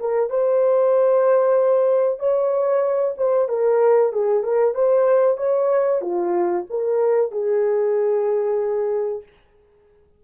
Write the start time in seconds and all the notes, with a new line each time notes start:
0.00 A#4
0.30 C5
2.20 C#5
3.18 C5
3.49 A#4
4.13 G#4
4.44 A#4
4.75 C5
5.38 C#5
6.02 F4
6.70 A#4
7.32 G#4